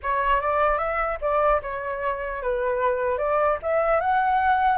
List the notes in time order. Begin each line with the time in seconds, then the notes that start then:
0.02 C#5
0.41 D5
0.78 E5
1.21 D5
1.62 C#5
2.42 B4
3.18 D5
3.62 E5
4.00 F#5